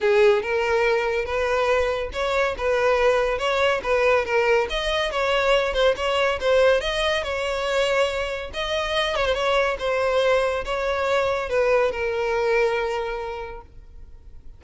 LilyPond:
\new Staff \with { instrumentName = "violin" } { \time 4/4 \tempo 4 = 141 gis'4 ais'2 b'4~ | b'4 cis''4 b'2 | cis''4 b'4 ais'4 dis''4 | cis''4. c''8 cis''4 c''4 |
dis''4 cis''2. | dis''4. cis''16 c''16 cis''4 c''4~ | c''4 cis''2 b'4 | ais'1 | }